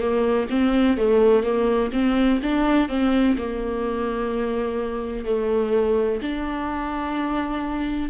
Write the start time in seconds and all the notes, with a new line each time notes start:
0.00 A#3
0.50 C4
0.98 A3
1.44 A#3
1.93 C4
2.43 D4
2.89 C4
3.38 A#3
5.26 A3
6.22 D4